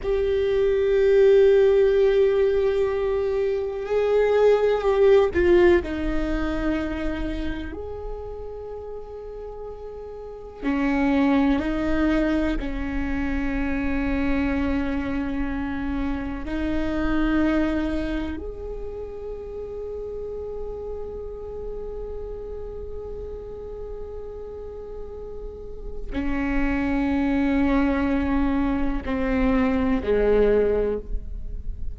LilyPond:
\new Staff \with { instrumentName = "viola" } { \time 4/4 \tempo 4 = 62 g'1 | gis'4 g'8 f'8 dis'2 | gis'2. cis'4 | dis'4 cis'2.~ |
cis'4 dis'2 gis'4~ | gis'1~ | gis'2. cis'4~ | cis'2 c'4 gis4 | }